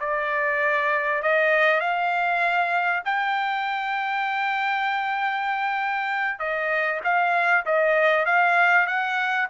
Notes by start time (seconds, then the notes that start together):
0.00 D5
1.22 D#5
1.80 F5
3.05 G5
6.39 D#5
7.04 F5
7.66 D#5
8.25 F5
8.87 F#5